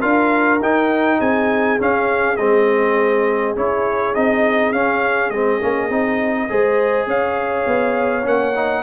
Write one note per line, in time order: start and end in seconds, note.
0.00 0.60 D4
0.00 0.60 F4
0.00 1.18 A#4
0.00 0.60 F5
0.60 1.19 D#4
0.60 1.78 D#4
0.60 1.20 G5
1.19 1.79 C4
1.19 6.48 G#4
1.19 1.79 G#5
1.78 2.37 C#4
1.78 2.38 C#4
1.78 2.37 F5
2.37 3.56 G#3
2.37 3.56 C4
2.37 3.54 D#5
3.56 4.15 C#4
3.56 4.15 E4
3.56 4.14 C#5
4.14 4.72 C4
4.14 4.73 D#4
4.14 4.72 D#5
4.72 5.30 C#4
4.72 5.32 C#4
4.72 5.30 F5
5.30 5.59 G#3
5.30 5.61 C4
5.30 7.06 D#5
5.61 5.90 A#3
5.61 5.90 C#4
5.90 6.48 C4
5.90 6.48 D#4
6.49 7.06 G#3
6.49 8.23 G#4
6.49 7.07 C5
7.06 7.65 C#4
7.06 8.83 C#5
7.06 8.27 F5
7.67 8.25 B3
8.23 8.83 A#3
8.23 8.52 C#4
8.23 8.83 F#5
8.55 8.83 D#4